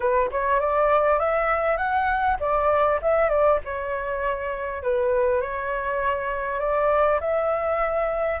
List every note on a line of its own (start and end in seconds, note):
0.00 0.30 B4
0.31 0.60 C#5
0.60 1.19 D5
1.19 1.77 E5
1.77 2.37 F#5
2.39 2.99 D5
3.02 3.29 E5
3.29 3.59 D5
3.64 4.82 C#5
4.82 5.41 B4
5.41 6.59 C#5
6.59 7.19 D5
7.20 8.40 E5